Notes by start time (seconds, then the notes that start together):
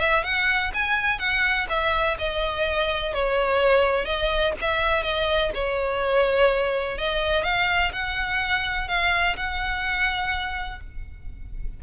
0.00 E5
0.24 F#5
0.74 G#5
1.19 F#5
1.70 E5
2.19 D#5
3.14 C#5
4.05 D#5
4.61 E5
5.03 D#5
5.55 C#5
6.98 D#5
7.44 F5
7.92 F#5
8.88 F5
9.37 F#5